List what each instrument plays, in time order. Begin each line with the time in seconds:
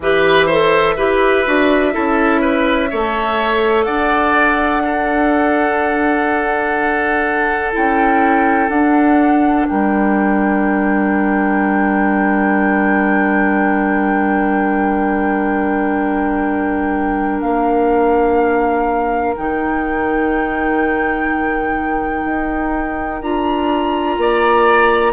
0.00 bassoon E3, clarinet G4, oboe B4, flute E5
0.46 clarinet A4, oboe C5
0.96 bassoon E4, clarinet G4, oboe B4
1.45 bassoon D4, clarinet F#4
1.92 bassoon C#4, clarinet E4, oboe A4
2.41 oboe B4
2.90 bassoon A3, clarinet A4, oboe C#5
3.84 bassoon D4, oboe D5, flute F#5
4.84 clarinet D4, oboe A4
7.72 bassoon C#4, clarinet E4, flute G5
8.68 bassoon D4, clarinet D4, flute F#5
9.68 bassoon G3, oboe A#4, flute G5
17.41 bassoon A#3, flute F5
19.36 bassoon D#3, clarinet D#4, flute G5
22.24 bassoon D#4
23.21 bassoon D4, clarinet F4, flute A#5
24.17 bassoon A#3, oboe D5